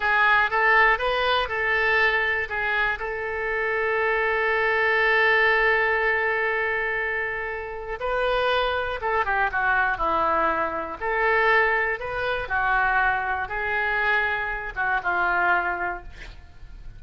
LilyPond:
\new Staff \with { instrumentName = "oboe" } { \time 4/4 \tempo 4 = 120 gis'4 a'4 b'4 a'4~ | a'4 gis'4 a'2~ | a'1~ | a'1 |
b'2 a'8 g'8 fis'4 | e'2 a'2 | b'4 fis'2 gis'4~ | gis'4. fis'8 f'2 | }